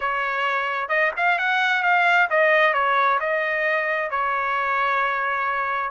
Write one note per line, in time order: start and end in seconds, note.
0.00 0.88 C#5
0.88 1.11 D#5
1.17 1.38 F5
1.38 1.83 F#5
1.83 2.28 F5
2.30 2.73 D#5
2.73 3.19 C#5
3.19 4.10 D#5
4.10 5.90 C#5